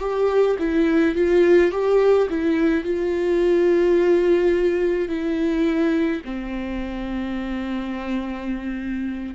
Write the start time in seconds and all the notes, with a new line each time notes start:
0.00 G4
0.59 E4
1.15 F4
1.71 G4
2.30 E4
2.85 F4
5.09 E4
6.25 C4